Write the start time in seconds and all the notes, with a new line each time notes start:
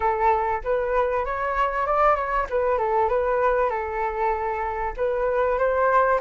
0.00 A4
0.64 B4
1.25 C#5
1.86 D5
2.15 C#5
2.49 B4
2.78 A4
3.08 B4
3.69 A4
4.97 B4
5.58 C5